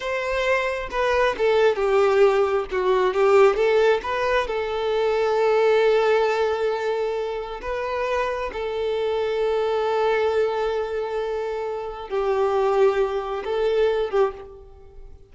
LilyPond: \new Staff \with { instrumentName = "violin" } { \time 4/4 \tempo 4 = 134 c''2 b'4 a'4 | g'2 fis'4 g'4 | a'4 b'4 a'2~ | a'1~ |
a'4 b'2 a'4~ | a'1~ | a'2. g'4~ | g'2 a'4. g'8 | }